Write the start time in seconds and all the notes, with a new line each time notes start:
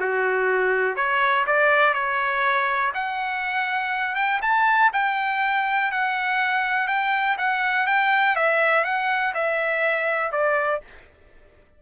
0.00 F#4
0.96 C#5
1.47 D5
1.94 C#5
2.94 F#5
4.16 G5
4.42 A5
4.93 G5
5.91 F#5
6.88 G5
7.38 F#5
7.87 G5
8.36 E5
8.84 F#5
9.34 E5
10.32 D5